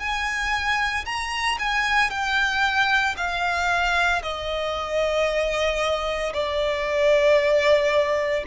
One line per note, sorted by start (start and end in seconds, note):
0.00 1.05 G#5
1.06 1.58 A#5
1.59 2.11 G#5
2.11 3.16 G5
3.17 4.22 F5
4.23 6.33 D#5
6.34 8.44 D5